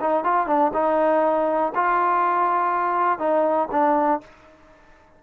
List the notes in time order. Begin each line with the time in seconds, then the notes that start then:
0.00 D#4
0.23 F4
0.46 D4
0.73 D#4
1.74 F4
3.18 D#4
3.71 D4